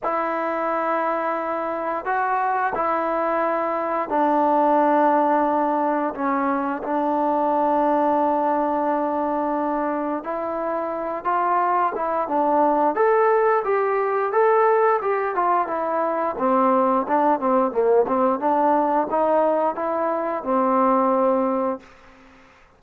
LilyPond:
\new Staff \with { instrumentName = "trombone" } { \time 4/4 \tempo 4 = 88 e'2. fis'4 | e'2 d'2~ | d'4 cis'4 d'2~ | d'2. e'4~ |
e'8 f'4 e'8 d'4 a'4 | g'4 a'4 g'8 f'8 e'4 | c'4 d'8 c'8 ais8 c'8 d'4 | dis'4 e'4 c'2 | }